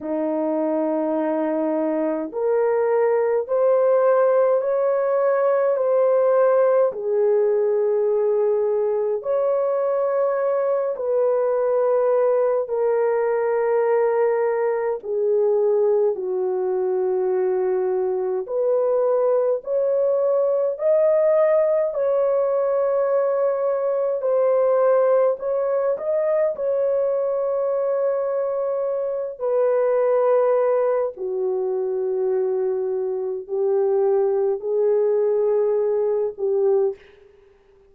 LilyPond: \new Staff \with { instrumentName = "horn" } { \time 4/4 \tempo 4 = 52 dis'2 ais'4 c''4 | cis''4 c''4 gis'2 | cis''4. b'4. ais'4~ | ais'4 gis'4 fis'2 |
b'4 cis''4 dis''4 cis''4~ | cis''4 c''4 cis''8 dis''8 cis''4~ | cis''4. b'4. fis'4~ | fis'4 g'4 gis'4. g'8 | }